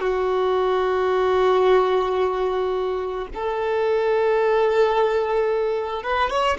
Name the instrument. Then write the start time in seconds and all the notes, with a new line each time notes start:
violin
0.00 F#4
3.34 A4
6.03 B4
6.30 C#5